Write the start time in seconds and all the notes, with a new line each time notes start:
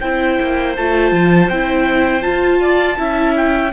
0.00 C4 E4 C5 G5
0.41 A#3
0.76 A3 F4 A5
1.12 F3
1.49 C4 E4 G5
2.22 F4 A5
2.60 D5
2.97 C#4 E4 E5
3.36 G5